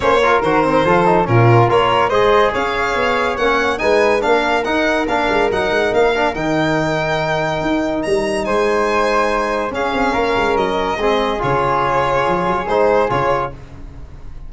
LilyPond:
<<
  \new Staff \with { instrumentName = "violin" } { \time 4/4 \tempo 4 = 142 cis''4 c''2 ais'4 | cis''4 dis''4 f''2 | fis''4 gis''4 f''4 fis''4 | f''4 fis''4 f''4 g''4~ |
g''2. ais''4 | gis''2. f''4~ | f''4 dis''2 cis''4~ | cis''2 c''4 cis''4 | }
  \new Staff \with { instrumentName = "flute" } { \time 4/4 c''8 ais'4. a'4 f'4 | ais'4 c''4 cis''2~ | cis''4 b'4 ais'2~ | ais'1~ |
ais'1 | c''2. gis'4 | ais'2 gis'2~ | gis'1 | }
  \new Staff \with { instrumentName = "trombone" } { \time 4/4 cis'8 f'8 fis'8 c'8 f'8 dis'8 cis'4 | f'4 gis'2. | cis'4 dis'4 d'4 dis'4 | d'4 dis'4. d'8 dis'4~ |
dis'1~ | dis'2. cis'4~ | cis'2 c'4 f'4~ | f'2 dis'4 f'4 | }
  \new Staff \with { instrumentName = "tuba" } { \time 4/4 ais4 dis4 f4 ais,4 | ais4 gis4 cis'4 b4 | ais4 gis4 ais4 dis'4 | ais8 gis8 fis8 gis8 ais4 dis4~ |
dis2 dis'4 g4 | gis2. cis'8 c'8 | ais8 gis8 fis4 gis4 cis4~ | cis4 f8 fis8 gis4 cis4 | }
>>